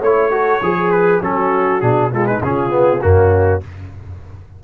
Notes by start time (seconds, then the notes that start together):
0.00 A3 E4 C#5
0.30 F#4 A4
0.61 F3 G#4
0.91 B4
1.21 F#3 C#4 F#4 A4
1.80 B2 D4 G#4
2.11 G#3 F4 A4
2.26 D#4 B4
2.42 C#3 C#4 F4 G#4
2.69 B3
3.01 F#2 A#3 C#4 F#4